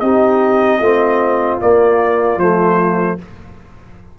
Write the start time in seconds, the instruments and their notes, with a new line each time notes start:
0.00 tuba C4, trombone D#4, horn G4, trumpet D#5
0.79 tuba A3, trombone C4, horn F4
1.61 trombone A#3, tuba A#3, trumpet D5
2.37 tuba F3, trombone A3, trumpet C5